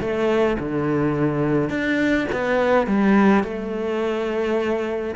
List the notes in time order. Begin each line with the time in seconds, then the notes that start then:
0.00 A3
0.59 D3
1.69 D4
2.32 B3
2.86 G3
3.44 A3